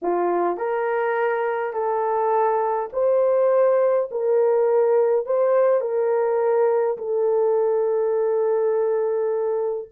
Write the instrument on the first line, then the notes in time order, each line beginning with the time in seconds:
horn
0.02 F4
0.57 A#4
1.73 A4
2.93 C5
4.11 A#4
5.26 C5
5.80 A#4
6.97 A4